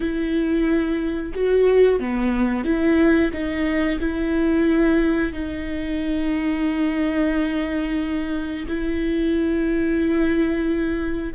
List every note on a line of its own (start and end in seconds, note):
0.00 1.32 E4
1.34 1.99 F#4
1.99 2.64 B3
2.64 3.31 E4
3.32 3.99 D#4
3.99 5.32 E4
5.32 8.66 D#4
8.67 11.34 E4